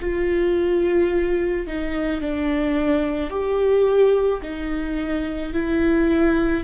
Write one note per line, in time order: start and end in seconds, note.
0.00 1.67 F4
1.67 2.20 D#4
2.20 3.30 D4
3.30 4.41 G4
4.41 5.53 D#4
5.53 6.64 E4